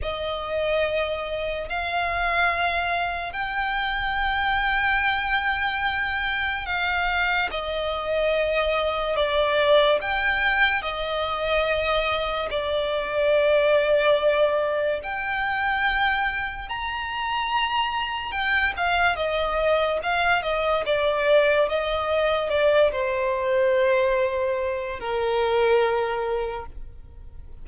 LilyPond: \new Staff \with { instrumentName = "violin" } { \time 4/4 \tempo 4 = 72 dis''2 f''2 | g''1 | f''4 dis''2 d''4 | g''4 dis''2 d''4~ |
d''2 g''2 | ais''2 g''8 f''8 dis''4 | f''8 dis''8 d''4 dis''4 d''8 c''8~ | c''2 ais'2 | }